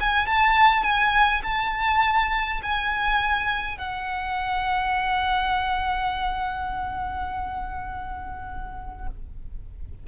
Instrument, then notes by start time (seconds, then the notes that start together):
violin
0.00 G#5
0.26 A5
0.83 G#5
1.43 A5
2.63 G#5
3.77 F#5